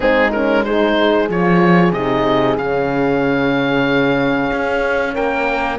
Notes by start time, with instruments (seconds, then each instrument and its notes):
0.00 cello G#3, horn C4 D#4, oboe G#4
0.32 horn C#4, oboe A#4
0.64 horn D#4 G#4, oboe C5
1.29 cello F3, horn F4, oboe C#5
1.92 cello C3, horn D#4, oboe D#5
2.57 cello C#3, horn C#4, oboe F5
4.52 cello C#4
5.14 cello A#3, horn A#4, oboe G5